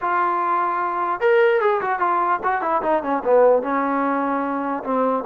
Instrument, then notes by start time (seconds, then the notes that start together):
trombone
0.01 F4
1.20 A#4
1.60 G#4
1.81 F#4
1.99 F4
2.43 F#4
2.61 E4
2.82 D#4
3.02 C#4
3.24 B3
3.62 C#4
4.83 C4